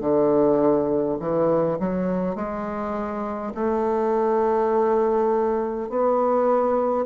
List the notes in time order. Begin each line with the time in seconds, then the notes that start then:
0.00 D3
1.19 E3
1.79 F#3
2.35 G#3
3.55 A3
5.89 B3